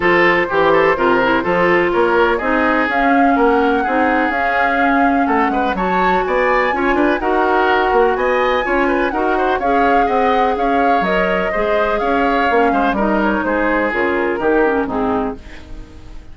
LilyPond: <<
  \new Staff \with { instrumentName = "flute" } { \time 4/4 \tempo 4 = 125 c''1 | cis''4 dis''4 f''4 fis''4~ | fis''4 f''2 fis''4 | a''4 gis''2 fis''4~ |
fis''4 gis''2 fis''4 | f''4 fis''4 f''4 dis''4~ | dis''4 f''2 dis''8 cis''8 | c''4 ais'2 gis'4 | }
  \new Staff \with { instrumentName = "oboe" } { \time 4/4 a'4 g'8 a'8 ais'4 a'4 | ais'4 gis'2 ais'4 | gis'2. a'8 b'8 | cis''4 d''4 cis''8 b'8 ais'4~ |
ais'4 dis''4 cis''8 b'8 ais'8 c''8 | cis''4 dis''4 cis''2 | c''4 cis''4. c''8 ais'4 | gis'2 g'4 dis'4 | }
  \new Staff \with { instrumentName = "clarinet" } { \time 4/4 f'4 g'4 f'8 e'8 f'4~ | f'4 dis'4 cis'2 | dis'4 cis'2. | fis'2 f'4 fis'4~ |
fis'2 f'4 fis'4 | gis'2. ais'4 | gis'2 cis'4 dis'4~ | dis'4 f'4 dis'8 cis'8 c'4 | }
  \new Staff \with { instrumentName = "bassoon" } { \time 4/4 f4 e4 c4 f4 | ais4 c'4 cis'4 ais4 | c'4 cis'2 a8 gis8 | fis4 b4 cis'8 d'8 dis'4~ |
dis'8 ais8 b4 cis'4 dis'4 | cis'4 c'4 cis'4 fis4 | gis4 cis'4 ais8 gis8 g4 | gis4 cis4 dis4 gis,4 | }
>>